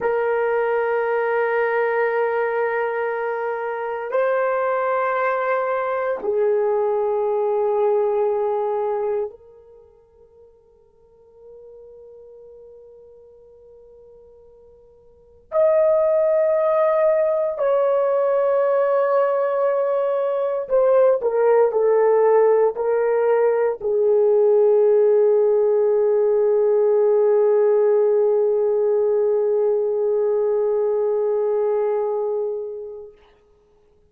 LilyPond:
\new Staff \with { instrumentName = "horn" } { \time 4/4 \tempo 4 = 58 ais'1 | c''2 gis'2~ | gis'4 ais'2.~ | ais'2. dis''4~ |
dis''4 cis''2. | c''8 ais'8 a'4 ais'4 gis'4~ | gis'1~ | gis'1 | }